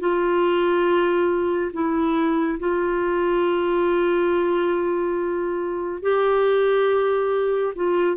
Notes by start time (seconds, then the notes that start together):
0.00 F4
1.73 E4
2.59 F4
6.02 G4
7.76 F4